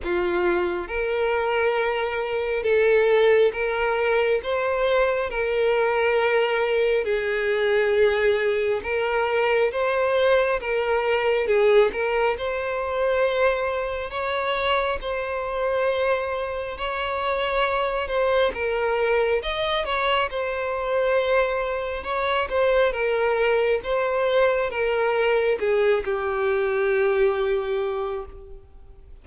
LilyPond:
\new Staff \with { instrumentName = "violin" } { \time 4/4 \tempo 4 = 68 f'4 ais'2 a'4 | ais'4 c''4 ais'2 | gis'2 ais'4 c''4 | ais'4 gis'8 ais'8 c''2 |
cis''4 c''2 cis''4~ | cis''8 c''8 ais'4 dis''8 cis''8 c''4~ | c''4 cis''8 c''8 ais'4 c''4 | ais'4 gis'8 g'2~ g'8 | }